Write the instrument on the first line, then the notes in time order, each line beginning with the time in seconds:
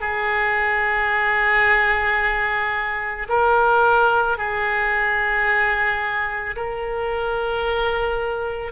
oboe
0.00 G#4
3.28 A#4
4.37 G#4
6.56 A#4